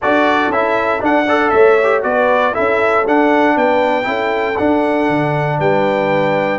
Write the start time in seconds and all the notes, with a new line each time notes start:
0.01 D4 F#4 A4 D5
0.49 C#4 E4 E5
0.99 D4 F#5
1.26 A4 D5
1.50 A3 C#5 E5
1.83 G4
2.02 B3 F#4 B4 D5
2.52 C#4 E4 A4 E5
3.07 D4 F#5
3.55 B3 B4 G5
4.03 C#4 E4 A4
4.57 D4 F#5
5.08 D3
5.58 G3 B4 G5